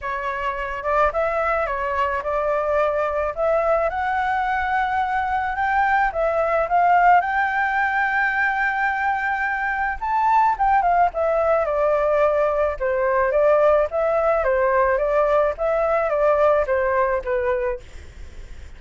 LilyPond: \new Staff \with { instrumentName = "flute" } { \time 4/4 \tempo 4 = 108 cis''4. d''8 e''4 cis''4 | d''2 e''4 fis''4~ | fis''2 g''4 e''4 | f''4 g''2.~ |
g''2 a''4 g''8 f''8 | e''4 d''2 c''4 | d''4 e''4 c''4 d''4 | e''4 d''4 c''4 b'4 | }